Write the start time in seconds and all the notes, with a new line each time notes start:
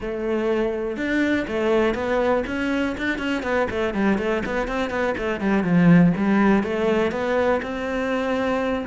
0.00 A3
0.97 D4
1.47 A3
1.94 B3
2.46 C#4
2.97 D4
3.18 C#4
3.42 B3
3.70 A3
3.93 G3
4.18 A3
4.45 B3
4.67 C4
4.90 B3
5.17 A3
5.40 G3
5.63 F3
6.16 G3
6.63 A3
7.11 B3
7.62 C4